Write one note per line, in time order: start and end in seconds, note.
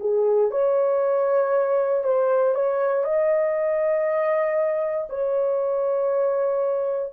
0.00 0.51 G#4
0.51 2.03 C#5
2.03 2.54 C5
2.54 3.04 C#5
3.04 5.08 D#5
5.09 7.12 C#5